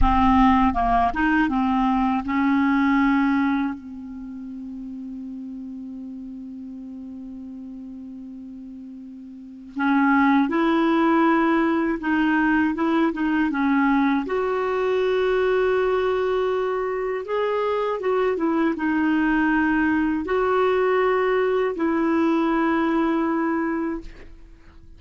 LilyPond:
\new Staff \with { instrumentName = "clarinet" } { \time 4/4 \tempo 4 = 80 c'4 ais8 dis'8 c'4 cis'4~ | cis'4 c'2.~ | c'1~ | c'4 cis'4 e'2 |
dis'4 e'8 dis'8 cis'4 fis'4~ | fis'2. gis'4 | fis'8 e'8 dis'2 fis'4~ | fis'4 e'2. | }